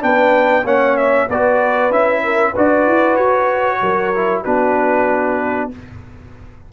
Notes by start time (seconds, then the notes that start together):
0.00 B3 D4 B4 G5
0.64 A#3 C#4 C#5 F#5
0.97 E5
1.29 B3 F#4 B4 D5
1.90 C#4 E4 E5
2.24 A#4
2.52 D4 F#4 B4 D5
2.87 E4
3.16 F#4 C#5
3.82 F#3 A#4
4.14 E4
4.44 B3 D4 F#4 B4